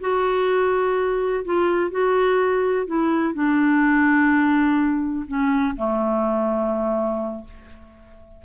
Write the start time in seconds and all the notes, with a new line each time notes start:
0.00 F#4
1.44 F4
1.90 F#4
2.86 E4
3.34 D4
5.27 C#4
5.76 A3